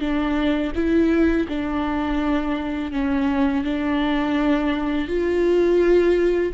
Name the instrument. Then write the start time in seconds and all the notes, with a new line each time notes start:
viola
0.00 D4
0.75 E4
1.48 D4
2.91 C#4
3.64 D4
5.08 F4